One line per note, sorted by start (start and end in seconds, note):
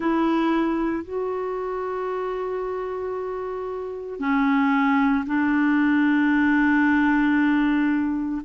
0.00 1.04 E4
1.04 4.19 F#4
4.19 5.24 C#4
5.26 8.42 D4